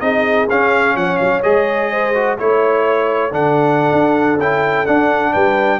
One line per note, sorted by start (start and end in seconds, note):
0.00 0.48 C4
0.00 0.48 D#4
0.00 0.97 G#4
0.00 0.47 D#5
0.50 1.43 C#4
0.50 0.95 C#4
0.50 0.96 F5
0.95 1.19 F3
0.95 1.91 C#5
0.95 1.17 F#5
1.17 1.44 F#3
1.17 1.41 F5
1.43 2.39 G#3
1.43 2.13 G#4
1.43 2.37 D#5
1.91 2.38 C5
2.14 2.38 F#4
2.38 3.32 A3
2.38 3.31 E4
2.38 3.33 C#5
2.38 3.34 C#5
3.31 3.91 D3
3.31 4.38 D4
3.31 5.32 A4
3.31 4.40 F#5
3.92 4.38 D4
4.38 4.86 C#4
4.38 4.86 E4
4.38 4.86 G5
4.86 5.80 D4
4.86 5.35 D4
4.86 5.33 F#5
5.32 5.80 G3
5.32 5.80 B4
5.32 5.80 G5